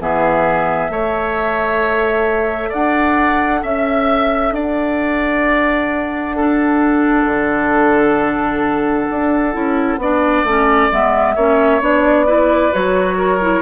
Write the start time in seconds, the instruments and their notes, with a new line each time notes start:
0.00 bassoon E3, clarinet B3, oboe G#4, flute E5
0.89 bassoon A3, clarinet A4, oboe C#5
2.69 bassoon D4, oboe D5, flute F#5
3.62 bassoon C#4, oboe E5, flute E5
4.52 bassoon D4, oboe D5, flute F#5
6.36 clarinet D4, oboe A4
7.25 bassoon D3
9.10 bassoon D4
9.52 bassoon C#4, clarinet E4
9.97 bassoon B3, clarinet D4, oboe D5
10.44 bassoon A3, clarinet C#4
10.91 bassoon G#3, clarinet B3, flute E5
11.35 bassoon A#3, clarinet C#4, oboe C#5
11.81 bassoon B3, clarinet D4, flute D5
12.26 clarinet E4, oboe B4
12.72 bassoon F#3, clarinet F#4, flute C#5
13.17 oboe A#4
13.41 clarinet E4